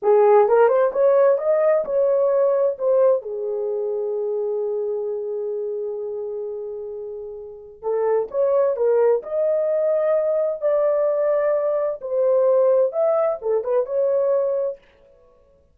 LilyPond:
\new Staff \with { instrumentName = "horn" } { \time 4/4 \tempo 4 = 130 gis'4 ais'8 c''8 cis''4 dis''4 | cis''2 c''4 gis'4~ | gis'1~ | gis'1~ |
gis'4 a'4 cis''4 ais'4 | dis''2. d''4~ | d''2 c''2 | e''4 a'8 b'8 cis''2 | }